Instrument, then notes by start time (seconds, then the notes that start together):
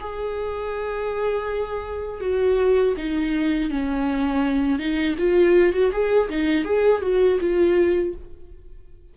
viola
0.00 G#4
2.21 F#4
2.98 D#4
3.71 C#4
4.79 D#4
5.19 F4
5.73 F#4
5.92 G#4
6.30 D#4
6.65 G#4
7.02 F#4
7.41 F4